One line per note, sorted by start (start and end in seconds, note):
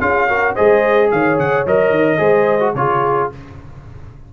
0.00 0.56 C#4
0.00 0.28 F4
0.00 0.28 G#4
0.00 0.55 F5
0.28 0.56 F#4
0.28 0.54 A#4
0.54 1.12 G#3
0.54 1.66 G#4
0.54 1.09 C5
0.54 1.11 D#5
1.11 1.39 D#3
1.11 2.19 C#5
1.11 1.39 F5
1.39 1.66 C#3
1.39 1.67 F#5
1.66 1.90 F#3
1.66 2.18 A#4
1.66 2.75 D#5
1.90 2.18 D#3
2.18 2.74 G#3
2.18 2.59 G#4
2.18 2.74 C5
2.60 2.74 F#4
2.74 3.29 C#3
2.74 3.32 F4
2.74 3.33 G#4
2.74 3.30 C#5